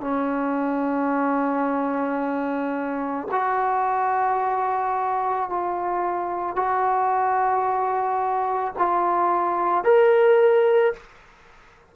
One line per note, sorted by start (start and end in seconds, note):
0.00 3.27 C#4
3.31 5.49 F#4
5.49 6.55 F4
6.55 8.73 F#4
8.78 9.84 F4
9.84 10.93 A#4